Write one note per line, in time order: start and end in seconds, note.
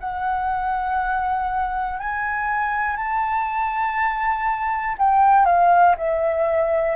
0.00 1.99 F#5
1.99 2.96 G#5
2.96 4.96 A5
4.98 5.45 G5
5.45 5.95 F5
5.97 6.95 E5